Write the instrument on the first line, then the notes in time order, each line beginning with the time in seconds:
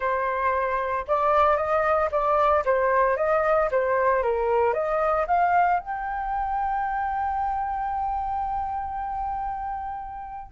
flute
0.00 C5
1.07 D5
1.56 D#5
2.11 D5
2.65 C5
3.17 D#5
3.71 C5
4.22 A#4
4.73 D#5
5.27 F5
5.79 G5